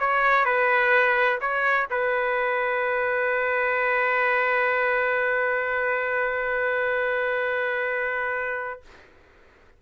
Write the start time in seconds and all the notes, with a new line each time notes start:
0.00 C#5
0.46 B4
1.41 C#5
1.90 B4